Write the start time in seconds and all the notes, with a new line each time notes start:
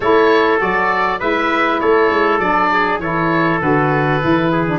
0.00 A3 E4 A4 C#5
0.58 F#3 F#4 D5
1.19 G#3 E4 B4 E5
1.80 A3 A4 C#5
2.10 G#3
2.38 F#3 D4 D5
2.72 G#4
2.98 E3 E4 A4 C#5
3.60 D3 F#4 B4
4.20 E3 E4
4.51 G#4
4.66 D4